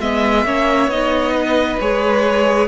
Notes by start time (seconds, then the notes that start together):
0.00 G#3 B3 D#5 E5
0.45 A#3 C#4 C#5
0.87 B3 D#4 D#5
1.33 B4
1.80 G#3 G#4 C#5